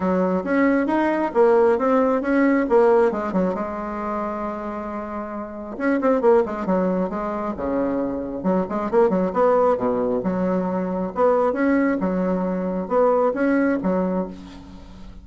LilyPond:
\new Staff \with { instrumentName = "bassoon" } { \time 4/4 \tempo 4 = 135 fis4 cis'4 dis'4 ais4 | c'4 cis'4 ais4 gis8 fis8 | gis1~ | gis4 cis'8 c'8 ais8 gis8 fis4 |
gis4 cis2 fis8 gis8 | ais8 fis8 b4 b,4 fis4~ | fis4 b4 cis'4 fis4~ | fis4 b4 cis'4 fis4 | }